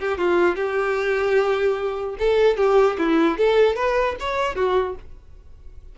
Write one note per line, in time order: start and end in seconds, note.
0.00 0.18 G4
0.18 0.56 F4
0.56 2.16 G4
2.19 2.57 A4
2.57 2.97 G4
2.98 3.38 E4
3.38 3.76 A4
3.76 4.16 B4
4.20 4.55 C#5
4.55 4.95 F#4